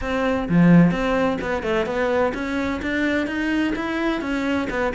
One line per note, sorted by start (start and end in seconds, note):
0.01 0.48 C4
0.48 0.91 F3
0.91 1.38 C4
1.41 1.63 B3
1.63 1.85 A3
1.85 2.32 B3
2.34 2.80 C#4
2.81 3.26 D4
3.26 3.73 D#4
3.75 4.21 E4
4.21 4.68 C#4
4.69 4.93 B3